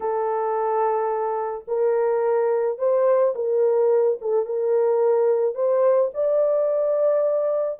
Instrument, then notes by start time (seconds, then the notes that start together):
horn
0.00 A4
1.67 A#4
2.78 C5
3.35 A#4
4.21 A4
4.45 A#4
5.54 C5
6.14 D5